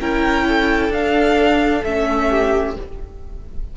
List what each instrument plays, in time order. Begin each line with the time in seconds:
0.00 cello C#4, viola E4, violin A#4 G5
0.47 violin A4
0.89 cello D4, viola D4, violin F5
1.84 cello A3, viola C#4, violin E5
2.29 violin G4